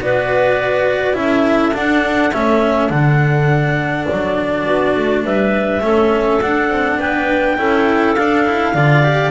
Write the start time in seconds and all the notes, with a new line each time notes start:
0.00 B3 F#4 B4 D5
1.14 C#4 E4 A4 E5
1.74 D4 F#5
2.33 A3 C#4 E5
2.89 D3 D4 F#5
4.07 F#3 D5
4.66 B3 F#4
4.96 A3
5.24 G3 B4 E5
5.81 A3 C#4 A4
6.42 D4 F#5
6.70 C4
6.99 B3 B4 G5
7.58 C#4 E4 A4
8.15 D4 F5
8.46 E4
8.74 D3 F4 D5
9.04 G4